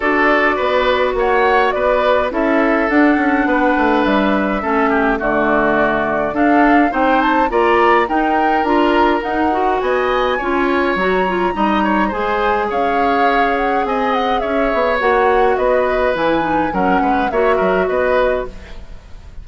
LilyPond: <<
  \new Staff \with { instrumentName = "flute" } { \time 4/4 \tempo 4 = 104 d''2 fis''4 d''4 | e''4 fis''2 e''4~ | e''4 d''2 f''4 | g''8 a''8 ais''4 g''4 ais''4 |
fis''4 gis''2 ais''4~ | ais''4 gis''4 f''4. fis''8 | gis''8 fis''8 e''4 fis''4 dis''4 | gis''4 fis''4 e''4 dis''4 | }
  \new Staff \with { instrumentName = "oboe" } { \time 4/4 a'4 b'4 cis''4 b'4 | a'2 b'2 | a'8 g'8 fis'2 a'4 | c''4 d''4 ais'2~ |
ais'4 dis''4 cis''2 | dis''8 cis''8 c''4 cis''2 | dis''4 cis''2 b'4~ | b'4 ais'8 b'8 cis''8 ais'8 b'4 | }
  \new Staff \with { instrumentName = "clarinet" } { \time 4/4 fis'1 | e'4 d'2. | cis'4 a2 d'4 | dis'4 f'4 dis'4 f'4 |
dis'8 fis'4. f'4 fis'8 f'8 | dis'4 gis'2.~ | gis'2 fis'2 | e'8 dis'8 cis'4 fis'2 | }
  \new Staff \with { instrumentName = "bassoon" } { \time 4/4 d'4 b4 ais4 b4 | cis'4 d'8 cis'8 b8 a8 g4 | a4 d2 d'4 | c'4 ais4 dis'4 d'4 |
dis'4 b4 cis'4 fis4 | g4 gis4 cis'2 | c'4 cis'8 b8 ais4 b4 | e4 fis8 gis8 ais8 fis8 b4 | }
>>